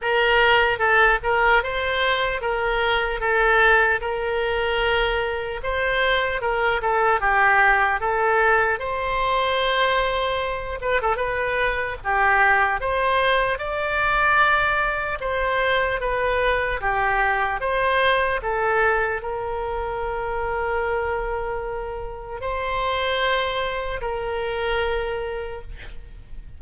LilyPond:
\new Staff \with { instrumentName = "oboe" } { \time 4/4 \tempo 4 = 75 ais'4 a'8 ais'8 c''4 ais'4 | a'4 ais'2 c''4 | ais'8 a'8 g'4 a'4 c''4~ | c''4. b'16 a'16 b'4 g'4 |
c''4 d''2 c''4 | b'4 g'4 c''4 a'4 | ais'1 | c''2 ais'2 | }